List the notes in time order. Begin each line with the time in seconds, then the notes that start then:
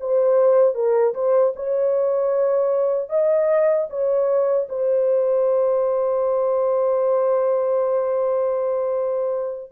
0.00 C5
0.74 A#4
1.14 C5
1.55 C#5
3.09 D#5
3.89 C#5
4.69 C5